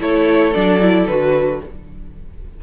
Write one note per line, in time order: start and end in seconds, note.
0.00 0.54 A3
0.00 0.54 E4
0.00 1.61 A4
0.00 0.54 C#5
0.54 1.07 F#3
0.54 0.81 D4
0.54 1.07 D5
0.81 1.08 E4
1.07 1.60 D3
1.07 1.63 F#4
1.07 1.61 B4